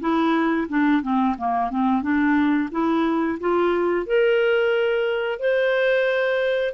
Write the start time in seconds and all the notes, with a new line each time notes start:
0.00 E4
0.68 D4
1.02 C4
1.38 A#3
1.70 C4
2.02 D4
2.71 E4
3.40 F4
4.06 A#4
5.39 C5